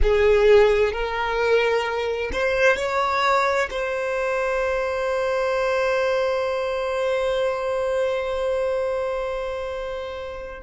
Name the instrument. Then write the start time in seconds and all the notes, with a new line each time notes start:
violin
0.02 G#4
0.92 A#4
2.32 C5
2.77 C#5
3.70 C5